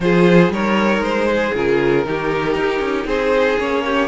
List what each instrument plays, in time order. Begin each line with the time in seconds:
0.00 cello F3, viola F4, violin G#4 C5
0.49 cello G3, viola D#4, violin A#4 C#5
0.99 cello G#3, violin C5
1.28 violin G#4
1.54 cello C#3, viola F4, violin A#4
2.05 cello D#3, viola D#4, violin G4
2.55 cello D#4
2.79 cello C#4
3.04 cello C4, violin G#4 C5
3.58 cello A#3, viola C#4, violin C#5
3.84 violin G4